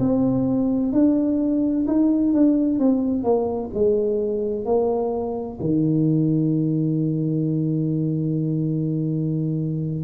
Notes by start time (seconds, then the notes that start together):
0.00 C4
0.93 D4
1.87 D#4
2.34 D4
2.80 C4
3.24 A#3
3.75 G#3
4.65 A#3
5.61 D#3